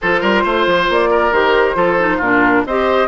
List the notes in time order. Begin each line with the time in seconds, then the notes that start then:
0.01 F3 F4 A4 C5
0.20 G3 A#4
0.43 A3 C5
0.66 F3
0.89 A#3 D5
1.10 A#4
1.31 D#3 G4 C5
1.75 F3 F4 A4
1.99 D#4
2.17 A#2 D4 F4 A#4
2.65 C4 G4 C5 D#5